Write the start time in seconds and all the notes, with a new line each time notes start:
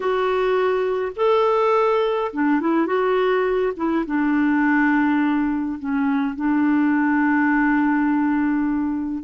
0.00 F#4
1.16 A4
2.32 D4
2.60 E4
2.86 F#4
3.76 E4
4.05 D4
5.79 C#4
6.35 D4